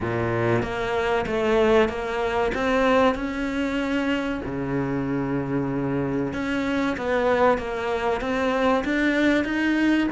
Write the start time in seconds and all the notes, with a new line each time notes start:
0.01 A#2
0.62 A#3
1.26 A3
1.89 A#3
2.54 C4
3.14 C#4
4.45 C#3
6.33 C#4
6.97 B3
7.58 A#3
8.20 C4
8.84 D4
9.44 D#4